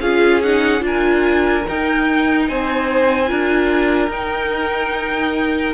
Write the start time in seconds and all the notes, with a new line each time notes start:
0.00 C#4 F4 G#4 F5
0.42 D#4 F#5
0.79 D4 F4
0.86 A#4 G#5
1.68 D#4 G5
2.48 C4 C5 G#5
3.27 D4 F4 A#4
4.08 D#4 G5